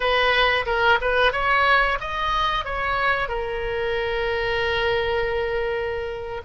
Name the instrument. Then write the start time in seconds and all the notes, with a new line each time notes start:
oboe
0.00 B4
0.66 A#4
1.01 B4
1.32 C#5
2.00 D#5
2.64 C#5
3.28 A#4